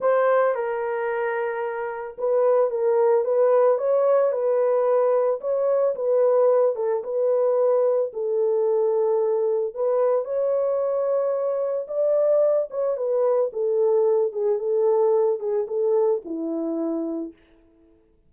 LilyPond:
\new Staff \with { instrumentName = "horn" } { \time 4/4 \tempo 4 = 111 c''4 ais'2. | b'4 ais'4 b'4 cis''4 | b'2 cis''4 b'4~ | b'8 a'8 b'2 a'4~ |
a'2 b'4 cis''4~ | cis''2 d''4. cis''8 | b'4 a'4. gis'8 a'4~ | a'8 gis'8 a'4 e'2 | }